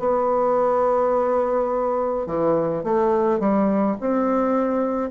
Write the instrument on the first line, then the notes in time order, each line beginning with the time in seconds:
bassoon
0.00 B3
2.26 E3
2.84 A3
3.40 G3
4.01 C4